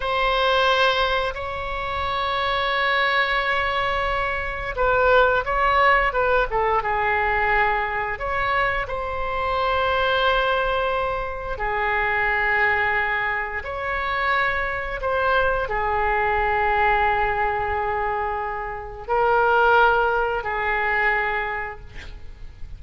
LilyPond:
\new Staff \with { instrumentName = "oboe" } { \time 4/4 \tempo 4 = 88 c''2 cis''2~ | cis''2. b'4 | cis''4 b'8 a'8 gis'2 | cis''4 c''2.~ |
c''4 gis'2. | cis''2 c''4 gis'4~ | gis'1 | ais'2 gis'2 | }